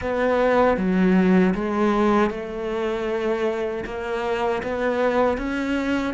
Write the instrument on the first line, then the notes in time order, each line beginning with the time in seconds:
cello
0.01 B3
0.77 F#3
1.54 G#3
2.30 A3
3.85 A#3
4.62 B3
5.37 C#4